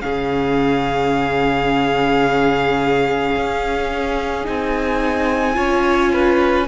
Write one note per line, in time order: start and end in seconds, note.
0.00 3.36 C#3
0.00 4.44 C#4
0.00 5.56 G#4
0.00 4.46 F5
3.36 4.47 C#4
4.44 5.57 C4
4.44 5.54 D#4
4.44 6.68 G#5
5.54 6.68 C#4
5.54 6.65 F4
5.54 6.12 C#5
6.13 6.68 B4